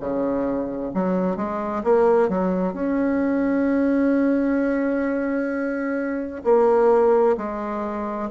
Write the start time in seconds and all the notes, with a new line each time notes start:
0.00 C#3
0.94 F#3
1.37 G#3
1.84 A#3
2.29 F#3
2.74 C#4
6.44 A#3
7.37 G#3